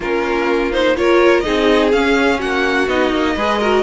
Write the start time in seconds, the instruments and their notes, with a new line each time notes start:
0.00 cello A#3, viola C#4, violin F4 A#4
0.72 viola D#4, violin C5
0.96 viola F4, violin A#4 C#5
1.40 viola D#4, violin G#4 D#5
1.47 cello C4
1.92 viola C#4, cello C#4, violin F5
2.39 cello A#3, violin F#4 F#5
2.87 cello B3, viola D#4, violin D#5
3.11 cello A#3
3.35 cello G#3, viola G#4, violin B4
3.58 viola F#4, violin A#4